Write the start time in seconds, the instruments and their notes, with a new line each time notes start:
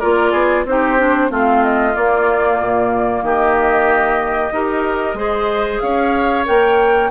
0.00 bassoon A#3, clarinet F4, oboe A#4, flute D5
0.32 bassoon B3, oboe G#4
0.65 bassoon C4, clarinet D#4, oboe G4, flute C5
0.99 clarinet D4
1.30 bassoon A3, clarinet C4, oboe F4, flute F5
1.64 flute D#5
1.95 clarinet A#3, bassoon A#3, flute D5
2.61 bassoon A#2
3.23 bassoon D#3, oboe G4, flute D#5
4.52 bassoon D#4, clarinet G4, oboe A#4
5.15 bassoon G#3, clarinet G#4, oboe C5
5.81 bassoon C#4, oboe C#5, flute F5
6.45 bassoon A#3, clarinet A#4, flute G5